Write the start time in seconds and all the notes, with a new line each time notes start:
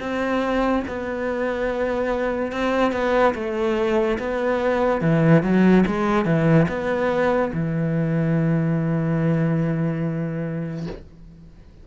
0.00 C4
0.87 B3
2.52 C4
2.92 B3
3.35 A3
4.19 B3
5.01 E3
5.43 F#3
5.86 G#3
6.25 E3
6.69 B3
7.53 E3